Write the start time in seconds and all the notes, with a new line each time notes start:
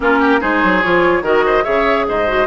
0.00 A#3 C#4 F4 A#4
0.19 G4
0.39 G#3 D#4 G#4 C5
0.63 F#3
0.82 F3 F4 C#5
1.21 D#3 F#4 A#4 D#5
1.46 C5
1.63 C#3 G#4 C#5 E5
2.08 G#2 C5 D#5
2.27 F#4